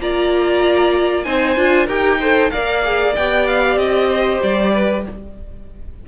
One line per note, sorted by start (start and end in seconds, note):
0.00 1.26 A#3
0.00 1.26 F4
0.00 1.25 D5
0.00 1.24 A#5
1.24 1.57 C4
1.24 1.57 D#4
1.24 1.86 C5
1.24 1.87 G#5
1.57 1.87 D4
1.57 1.88 F4
1.86 2.50 D#4
1.86 2.20 G4
1.86 2.18 A#4
1.86 2.50 G5
2.20 2.52 A4
2.20 2.51 C5
2.50 3.17 A#3
2.50 2.84 A#4
2.50 4.09 D5
2.50 3.14 F5
2.84 3.15 G#4
3.15 3.76 B3
3.15 5.08 G4
3.15 3.47 G5
3.47 3.78 F5
3.76 4.39 C4
3.76 4.42 D#5
4.09 4.72 C5
4.42 5.06 G3
4.42 5.06 D5
4.74 5.06 B4